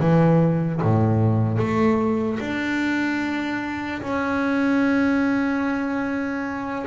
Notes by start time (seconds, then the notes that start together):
0.00 E3
0.82 A2
1.58 A3
2.40 D4
4.02 C#4